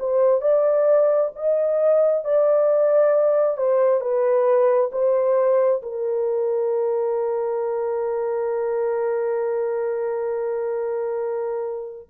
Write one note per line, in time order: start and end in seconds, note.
0.00 0.42 C5
0.42 1.31 D5
1.36 2.25 D#5
2.25 3.58 D5
3.58 4.01 C5
4.01 4.91 B4
4.93 5.82 C5
5.83 12.10 A#4